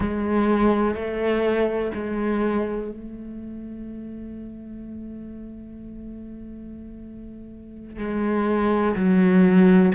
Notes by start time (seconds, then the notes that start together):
0.00 G#3
0.94 A3
1.94 G#3
2.91 A3
7.98 G#3
8.95 F#3